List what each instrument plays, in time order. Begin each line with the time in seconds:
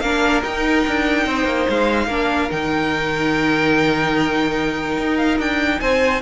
0.00 cello A#3, viola D4, violin A#4 F5
0.43 viola D#4, cello D#4, violin G5
0.87 cello D4
1.26 cello C4, violin C5
1.45 cello A#3
1.69 cello G#3, violin F5
2.06 cello A#3, viola D4, violin A#4
2.50 cello D#3, viola D#4, violin G5
4.97 cello D#4
5.17 violin F5
5.39 cello D4, violin G5
5.80 cello C4, violin C5 G#5